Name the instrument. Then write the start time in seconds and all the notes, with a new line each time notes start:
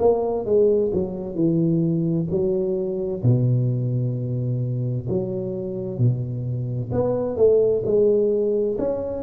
tuba
0.00 A#3
0.46 G#3
0.94 F#3
1.35 E3
2.31 F#3
3.23 B2
5.09 F#3
5.98 B2
6.92 B3
7.37 A3
7.85 G#3
8.79 C#4